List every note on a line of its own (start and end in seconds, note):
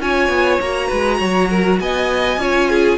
0.00 0.29 C#4
0.00 0.60 F4
0.00 0.88 C#5
0.00 0.61 G#5
0.29 0.59 B3
0.61 0.92 A#3
0.61 2.40 F#4
0.61 1.80 A#5
0.88 1.21 G#3
0.88 1.18 B4
1.19 1.80 F#3
1.19 1.49 C#5
1.50 1.80 A#4
1.80 2.38 B3
1.80 2.41 D#5
1.80 2.99 G#5
2.38 2.98 C#4
2.38 2.99 F4
2.38 2.70 C#5
2.70 2.99 G#4